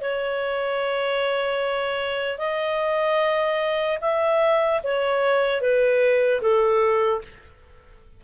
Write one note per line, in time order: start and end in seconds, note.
0.00 2.38 C#5
2.38 3.98 D#5
4.01 4.81 E5
4.83 5.61 C#5
5.61 6.41 B4
6.41 7.21 A4